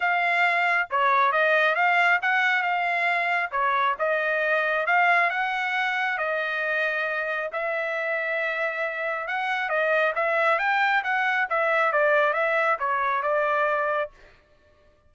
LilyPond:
\new Staff \with { instrumentName = "trumpet" } { \time 4/4 \tempo 4 = 136 f''2 cis''4 dis''4 | f''4 fis''4 f''2 | cis''4 dis''2 f''4 | fis''2 dis''2~ |
dis''4 e''2.~ | e''4 fis''4 dis''4 e''4 | g''4 fis''4 e''4 d''4 | e''4 cis''4 d''2 | }